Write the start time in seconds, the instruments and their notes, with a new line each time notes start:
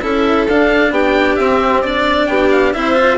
0.00 bassoon C#4, cello E4, violin A4, oboe E5
0.49 bassoon D4, cello D4, oboe F5
0.91 bassoon B3, violin G4, oboe G5
1.36 bassoon C4, cello C4, oboe E5
1.82 cello D4, oboe D5, violin D5
2.26 bassoon B3, violin G4, oboe G5
2.51 oboe F5
2.73 bassoon C4, cello E4, violin C5, oboe E5
2.95 cello F4